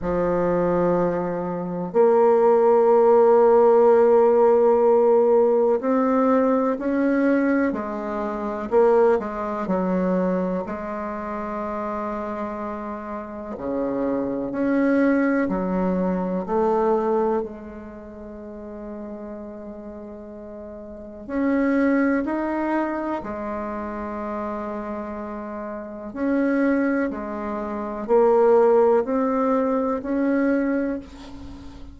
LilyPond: \new Staff \with { instrumentName = "bassoon" } { \time 4/4 \tempo 4 = 62 f2 ais2~ | ais2 c'4 cis'4 | gis4 ais8 gis8 fis4 gis4~ | gis2 cis4 cis'4 |
fis4 a4 gis2~ | gis2 cis'4 dis'4 | gis2. cis'4 | gis4 ais4 c'4 cis'4 | }